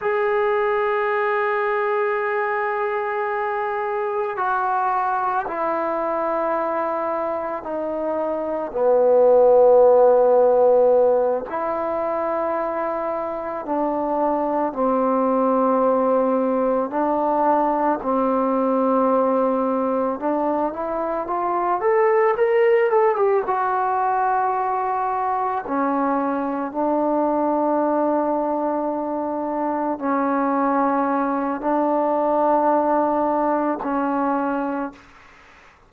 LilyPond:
\new Staff \with { instrumentName = "trombone" } { \time 4/4 \tempo 4 = 55 gis'1 | fis'4 e'2 dis'4 | b2~ b8 e'4.~ | e'8 d'4 c'2 d'8~ |
d'8 c'2 d'8 e'8 f'8 | a'8 ais'8 a'16 g'16 fis'2 cis'8~ | cis'8 d'2. cis'8~ | cis'4 d'2 cis'4 | }